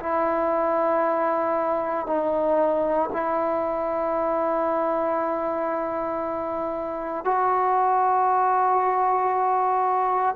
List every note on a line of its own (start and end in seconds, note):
0.00 2.07 E4
2.07 3.10 D#4
3.13 7.25 E4
7.25 10.35 F#4